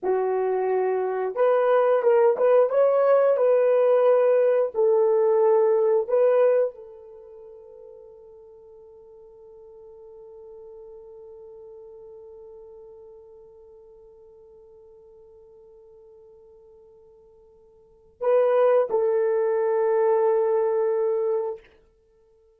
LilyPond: \new Staff \with { instrumentName = "horn" } { \time 4/4 \tempo 4 = 89 fis'2 b'4 ais'8 b'8 | cis''4 b'2 a'4~ | a'4 b'4 a'2~ | a'1~ |
a'1~ | a'1~ | a'2. b'4 | a'1 | }